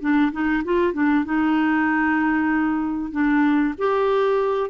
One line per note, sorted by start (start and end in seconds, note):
0.00 0.31 D4
0.32 0.63 D#4
0.64 0.93 F4
0.93 1.24 D4
1.25 3.12 D#4
3.12 3.74 D4
3.78 4.70 G4